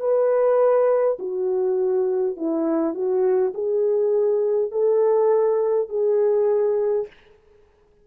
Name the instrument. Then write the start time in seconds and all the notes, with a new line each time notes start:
horn
0.00 B4
1.19 F#4
2.36 E4
2.94 F#4
3.54 G#4
4.71 A4
5.89 G#4